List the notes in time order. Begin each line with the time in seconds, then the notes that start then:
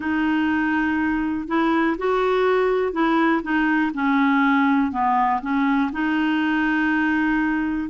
0.00 D#4
1.48 E4
1.98 F#4
2.92 E4
3.42 D#4
3.93 C#4
4.91 B3
5.41 C#4
5.92 D#4